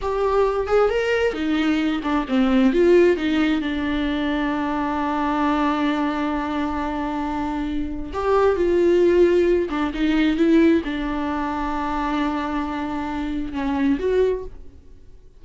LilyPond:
\new Staff \with { instrumentName = "viola" } { \time 4/4 \tempo 4 = 133 g'4. gis'8 ais'4 dis'4~ | dis'8 d'8 c'4 f'4 dis'4 | d'1~ | d'1~ |
d'2 g'4 f'4~ | f'4. d'8 dis'4 e'4 | d'1~ | d'2 cis'4 fis'4 | }